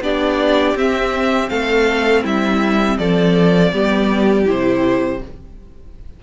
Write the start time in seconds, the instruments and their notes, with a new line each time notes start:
0.00 cello B3, viola D4, violin G4 D5
0.75 cello C4, viola C4, violin E5
1.49 cello A3, violin A4 F5
2.23 cello G3, violin E4 E5
2.98 cello F3, violin A4 D5
3.72 cello G3, viola B3, violin G4
4.45 cello C3, viola E4, violin C5